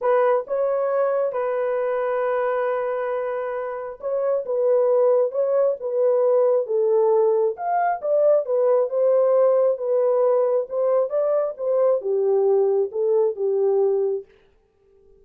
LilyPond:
\new Staff \with { instrumentName = "horn" } { \time 4/4 \tempo 4 = 135 b'4 cis''2 b'4~ | b'1~ | b'4 cis''4 b'2 | cis''4 b'2 a'4~ |
a'4 f''4 d''4 b'4 | c''2 b'2 | c''4 d''4 c''4 g'4~ | g'4 a'4 g'2 | }